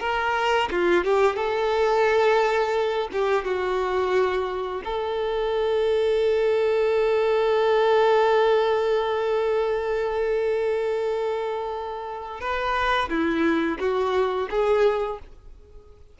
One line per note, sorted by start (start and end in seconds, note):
0.00 0.69 A#4
0.71 1.05 F4
1.05 1.36 G4
1.36 3.08 A4
3.13 3.45 G4
3.45 4.82 F#4
4.85 12.41 A4
12.41 13.09 B4
13.09 13.78 E4
13.80 14.49 F#4
14.50 15.19 G#4